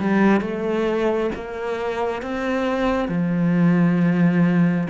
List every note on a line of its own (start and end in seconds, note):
0.00 0.41 G3
0.41 1.31 A3
1.35 2.23 A#3
2.23 3.09 C4
3.09 4.88 F3